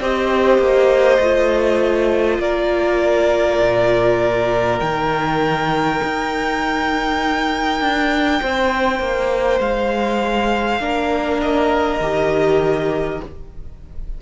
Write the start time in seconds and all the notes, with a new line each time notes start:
0.00 C4 G4 C5 D#5
0.58 A#3
1.19 A3 F4
2.38 A#3 A#4 D5
3.60 A#2
4.78 D#3 D#4 G5
6.03 D#4
7.81 D4
8.41 C4 C5
9.00 A#3
9.60 G#3 F5
10.79 A#3 D4 A#4
11.42 D#5
12.00 D#3 G4